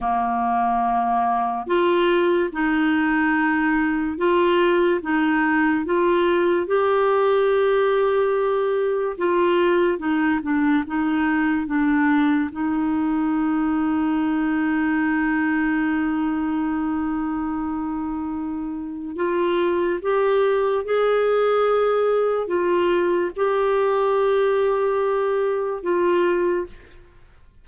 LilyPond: \new Staff \with { instrumentName = "clarinet" } { \time 4/4 \tempo 4 = 72 ais2 f'4 dis'4~ | dis'4 f'4 dis'4 f'4 | g'2. f'4 | dis'8 d'8 dis'4 d'4 dis'4~ |
dis'1~ | dis'2. f'4 | g'4 gis'2 f'4 | g'2. f'4 | }